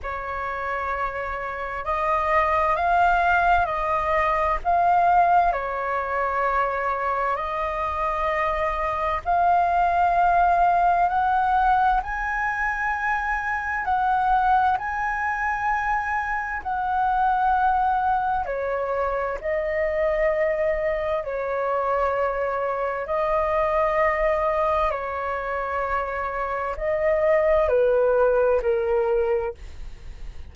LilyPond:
\new Staff \with { instrumentName = "flute" } { \time 4/4 \tempo 4 = 65 cis''2 dis''4 f''4 | dis''4 f''4 cis''2 | dis''2 f''2 | fis''4 gis''2 fis''4 |
gis''2 fis''2 | cis''4 dis''2 cis''4~ | cis''4 dis''2 cis''4~ | cis''4 dis''4 b'4 ais'4 | }